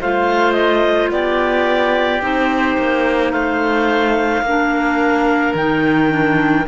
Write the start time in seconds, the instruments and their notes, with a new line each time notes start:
0.00 cello A3, clarinet F4 F5, oboe C5
0.53 clarinet D#5
1.11 cello B3, oboe G4, clarinet D5
2.21 cello C4, clarinet D#4 C5
2.78 cello A#3
3.32 cello A3, oboe C5, clarinet F5
4.42 cello A#3, clarinet D4, oboe A#4
5.54 cello D#3, clarinet D#4 G5
6.09 clarinet D4